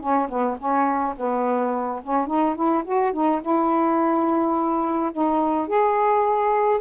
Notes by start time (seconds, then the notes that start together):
0.00 C#4
0.29 B3
0.58 C#4
1.17 B3
2.03 C#4
2.27 D#4
2.55 E4
2.84 F#4
3.13 D#4
3.42 E4
5.12 D#4
5.68 G#4